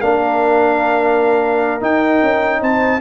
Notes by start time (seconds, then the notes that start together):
0.00 A#3 D4 A#4 F5
1.81 D#4 G5
2.23 C#4
2.61 C4 C5 A5